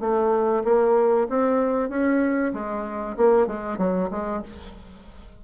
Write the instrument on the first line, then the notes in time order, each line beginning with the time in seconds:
bassoon
0.00 A3
0.64 A#3
1.29 C4
1.89 C#4
2.53 G#3
3.17 A#3
3.47 G#3
3.78 F#3
4.10 G#3